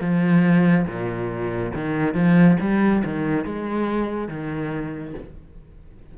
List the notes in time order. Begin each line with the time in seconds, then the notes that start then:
0.00 F3
0.86 A#2
1.74 D#3
2.14 F3
2.60 G3
3.04 D#3
3.45 G#3
4.28 D#3